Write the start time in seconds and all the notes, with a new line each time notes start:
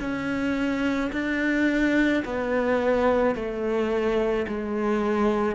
0.00 C#4
1.13 D4
2.25 B3
3.35 A3
4.48 G#3